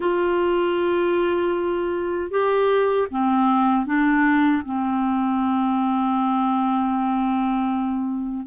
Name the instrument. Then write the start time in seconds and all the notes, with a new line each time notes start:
clarinet
0.00 F4
2.30 G4
3.10 C4
3.85 D4
4.65 C4